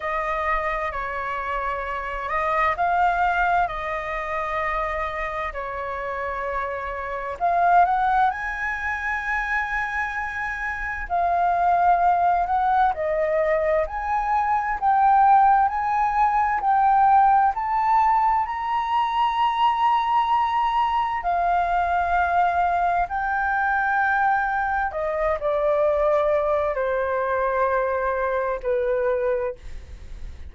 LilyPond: \new Staff \with { instrumentName = "flute" } { \time 4/4 \tempo 4 = 65 dis''4 cis''4. dis''8 f''4 | dis''2 cis''2 | f''8 fis''8 gis''2. | f''4. fis''8 dis''4 gis''4 |
g''4 gis''4 g''4 a''4 | ais''2. f''4~ | f''4 g''2 dis''8 d''8~ | d''4 c''2 b'4 | }